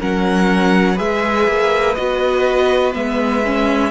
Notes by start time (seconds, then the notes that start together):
0.00 F#3 C#4 A#4 F#5
0.95 G#3 G#4 B4 E5
1.48 A#3
1.95 B3 F#4 D#5
2.94 G#3 B3 E5
3.45 C#4